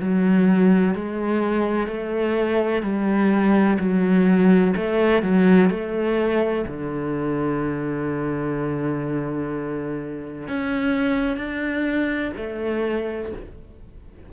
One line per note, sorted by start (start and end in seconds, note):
0.00 0.95 F#3
0.95 1.87 G#3
1.87 2.82 A3
2.82 3.77 G3
3.79 4.74 F#3
4.76 5.23 A3
5.23 5.70 F#3
5.70 6.65 A3
6.67 10.48 D3
10.48 11.37 C#4
11.37 12.32 D4
12.37 13.32 A3